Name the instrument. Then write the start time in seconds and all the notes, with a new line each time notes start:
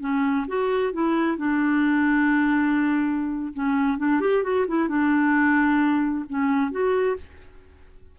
clarinet
0.00 C#4
0.47 F#4
0.93 E4
1.37 D4
3.53 C#4
3.98 D4
4.20 G4
4.43 F#4
4.67 E4
4.88 D4
6.29 C#4
6.71 F#4